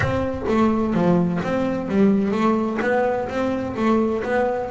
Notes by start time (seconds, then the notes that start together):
0.00 C4
0.48 A3
0.94 F3
1.43 C4
1.88 G3
2.31 A3
2.81 B3
3.28 C4
3.76 A3
4.23 B3